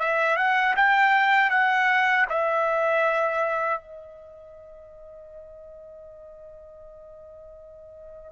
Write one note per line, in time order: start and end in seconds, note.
0.00 0.37 E5
0.37 0.75 F#5
0.77 1.51 G5
1.51 2.26 F#5
2.30 3.81 E5
3.81 8.33 D#5